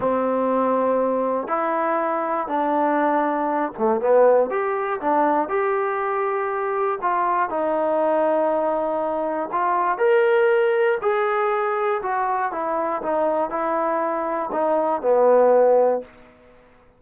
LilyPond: \new Staff \with { instrumentName = "trombone" } { \time 4/4 \tempo 4 = 120 c'2. e'4~ | e'4 d'2~ d'8 a8 | b4 g'4 d'4 g'4~ | g'2 f'4 dis'4~ |
dis'2. f'4 | ais'2 gis'2 | fis'4 e'4 dis'4 e'4~ | e'4 dis'4 b2 | }